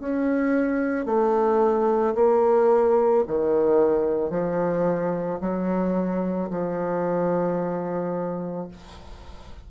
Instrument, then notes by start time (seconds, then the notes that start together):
bassoon
0.00 C#4
1.06 A3
2.15 A#3
3.27 D#3
4.30 F3
5.41 F#3
6.51 F3